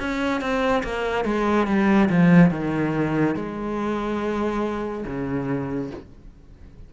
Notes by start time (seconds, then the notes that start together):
0.00 C#4
0.41 C4
0.84 A#3
1.25 G#3
1.67 G3
2.10 F3
2.51 D#3
3.36 G#3
5.06 C#3